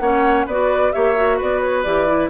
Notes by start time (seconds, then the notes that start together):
0.00 A#3 C#4 C#5 F#5
0.47 B3 F#4 B4 D5
0.93 A#3 G4 C#5 E5
1.16 F#4
1.38 B3 B4 D5
1.60 C#5
1.83 E3 G4 D5
2.08 E4